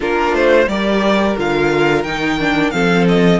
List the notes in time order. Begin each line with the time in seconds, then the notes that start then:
0.00 A#3 D4 F4 A#4
0.32 A3 C5
0.67 G3 G4 A#4 D5
1.37 D3 F4 F5
2.03 D#3 D#4 G5
2.39 D4
2.70 F3 C4 A4 F5
3.08 D#5